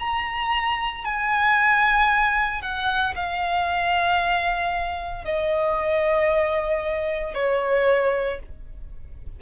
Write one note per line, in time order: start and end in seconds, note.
0.00 1.05 A#5
1.05 2.62 G#5
2.62 3.15 F#5
3.16 5.25 F5
5.25 7.34 D#5
7.34 8.40 C#5